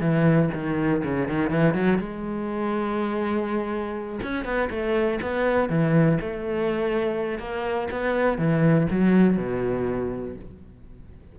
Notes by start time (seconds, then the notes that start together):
0.00 E3
0.53 D#3
1.04 C#3
1.28 D#3
1.50 E3
1.74 F#3
1.98 G#3
4.23 C#4
4.44 B3
4.70 A3
5.21 B3
5.69 E3
6.20 A3
7.39 A#3
7.91 B3
8.38 E3
8.90 F#3
9.37 B2